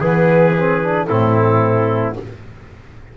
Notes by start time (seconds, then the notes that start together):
0.00 E3 B3 G#4 B4
0.57 C4
0.83 D4
1.06 A2 C4 E4 A4